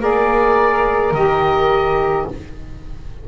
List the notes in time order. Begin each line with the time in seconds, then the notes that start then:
0.00 A#3 G#4 A#4 D5
1.12 D#3 G4 D#5